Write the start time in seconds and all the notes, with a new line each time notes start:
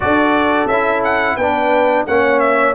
0.00 D4 F#4 A4 D5
0.67 C#4 E4 E5
1.04 F#5
1.36 B3 D4 B4 G5
2.06 A#3 C#4 C#5 F#5
2.39 E5